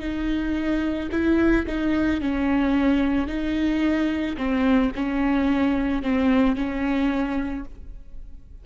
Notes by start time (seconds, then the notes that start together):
0.00 D#4
1.11 E4
1.66 D#4
2.21 C#4
3.27 D#4
4.37 C4
4.95 C#4
6.02 C4
6.56 C#4